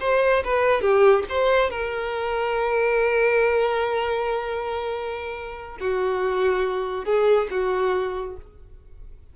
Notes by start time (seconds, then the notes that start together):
0.00 C5
0.44 B4
0.81 G4
1.29 C5
1.70 A#4
5.80 F#4
7.05 G#4
7.50 F#4